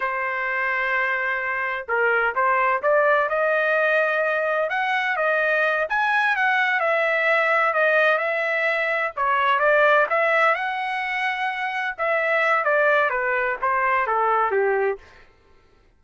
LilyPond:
\new Staff \with { instrumentName = "trumpet" } { \time 4/4 \tempo 4 = 128 c''1 | ais'4 c''4 d''4 dis''4~ | dis''2 fis''4 dis''4~ | dis''8 gis''4 fis''4 e''4.~ |
e''8 dis''4 e''2 cis''8~ | cis''8 d''4 e''4 fis''4.~ | fis''4. e''4. d''4 | b'4 c''4 a'4 g'4 | }